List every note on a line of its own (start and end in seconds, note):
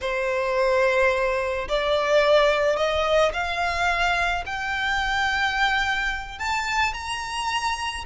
0.01 1.67 C5
1.68 2.76 D5
2.76 3.32 D#5
3.33 4.44 F5
4.46 6.39 G5
6.39 6.93 A5
6.93 8.04 A#5